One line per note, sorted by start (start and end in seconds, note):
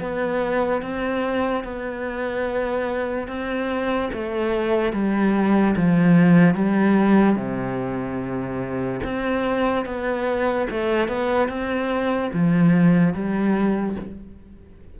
0.00 0.82 B3
0.82 1.64 C4
1.64 3.28 B3
3.28 4.10 C4
4.13 4.93 A3
4.93 5.75 G3
5.76 6.55 F3
6.55 7.36 G3
7.36 9.00 C3
9.04 9.86 C4
9.86 10.68 B3
10.70 11.08 A3
11.08 11.49 B3
11.49 12.31 C4
12.33 13.14 F3
13.14 13.96 G3